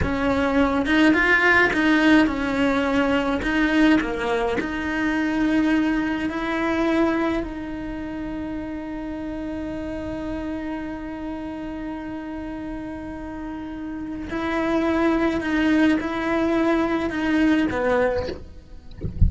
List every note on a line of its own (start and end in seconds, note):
0.02 0.86 C#4
0.86 1.13 D#4
1.13 1.70 F4
1.73 2.26 D#4
2.26 3.41 C#4
3.42 3.99 D#4
4.00 4.57 A#3
4.60 6.29 D#4
6.29 7.43 E4
7.43 14.29 D#4
14.30 15.40 E4
15.40 15.97 D#4
16.00 17.10 E4
17.10 17.67 D#4
17.70 18.28 B3